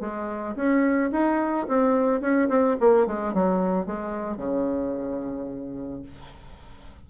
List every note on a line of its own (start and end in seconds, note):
0.00 0.55 G#3
0.56 1.11 C#4
1.12 1.67 D#4
1.68 2.21 C4
2.21 2.48 C#4
2.49 2.76 C4
2.80 3.06 A#3
3.06 3.34 G#3
3.34 3.86 F#3
3.86 4.37 G#3
4.37 6.02 C#3